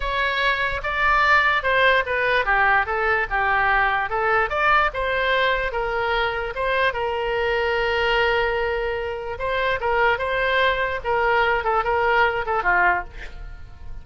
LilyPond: \new Staff \with { instrumentName = "oboe" } { \time 4/4 \tempo 4 = 147 cis''2 d''2 | c''4 b'4 g'4 a'4 | g'2 a'4 d''4 | c''2 ais'2 |
c''4 ais'2.~ | ais'2. c''4 | ais'4 c''2 ais'4~ | ais'8 a'8 ais'4. a'8 f'4 | }